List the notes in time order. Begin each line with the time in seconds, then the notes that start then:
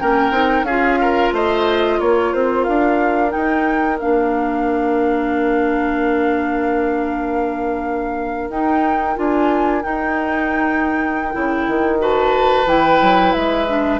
0.00 A#3 C#4 A#4 G5
0.32 C4 D#4
0.63 C#4 G#4 F5
0.69 F4
1.01 A#4
1.33 A3 C5 D#5
2.00 A#3 A#4 C#5
2.33 C4 C5
2.64 D4 F5
3.30 D#4 G5
3.36 D#4
4.00 A#3 D4 F5
8.50 D#4 G5
9.16 D4 F4 G#5
9.82 D#4 G5
11.33 C#3 E4
11.68 D#3
12.00 F#4 B4 A5
12.66 E3 E4 G5
13.02 F#3
13.33 G#3 E5
13.68 D4